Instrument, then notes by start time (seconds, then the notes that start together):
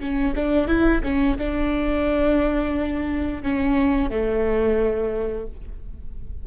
viola
0.00 C#4
0.36 D4
0.68 E4
1.04 C#4
1.38 D4
3.43 C#4
4.11 A3